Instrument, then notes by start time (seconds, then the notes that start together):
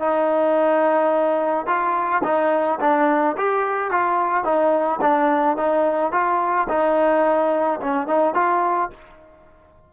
trombone
0.00 D#4
1.67 F4
2.24 D#4
2.81 D4
3.37 G4
3.91 F4
4.44 D#4
5.02 D4
5.57 D#4
6.12 F4
6.69 D#4
7.81 C#4
8.08 D#4
8.35 F4